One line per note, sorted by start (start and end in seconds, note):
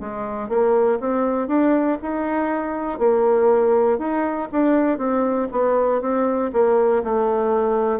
0.00 0.49 G#3
0.49 0.99 A#3
1.00 1.48 C4
1.48 1.98 D4
2.02 2.99 D#4
2.99 3.98 A#3
3.98 4.48 D#4
4.52 4.98 D4
4.98 5.48 C4
5.51 6.01 B3
6.01 6.51 C4
6.53 7.03 A#3
7.04 8.00 A3